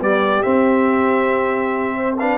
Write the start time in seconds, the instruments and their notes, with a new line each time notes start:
0.00 trombone G3, tuba B3, horn G4, trumpet D5
0.43 trombone C4, tuba C4, trumpet E5
1.97 horn C5
2.20 trombone D4, horn B4, trumpet F5